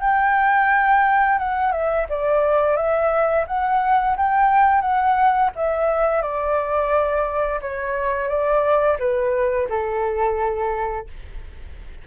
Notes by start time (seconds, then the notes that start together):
0.00 G5
1.38 F#5
1.72 E5
2.09 D5
2.76 E5
3.47 F#5
4.16 G5
4.81 F#5
5.55 E5
6.22 D5
7.61 C#5
8.28 D5
8.99 B4
9.69 A4